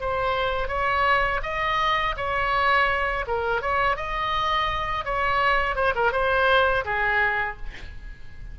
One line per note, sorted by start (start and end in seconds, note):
0.00 0.68 C5
0.68 1.40 C#5
1.43 2.15 D#5
2.17 3.25 C#5
3.27 3.61 A#4
3.61 3.96 C#5
3.96 5.04 D#5
5.05 5.75 C#5
5.75 5.93 C5
5.95 6.12 A#4
6.12 6.84 C5
6.84 7.57 G#4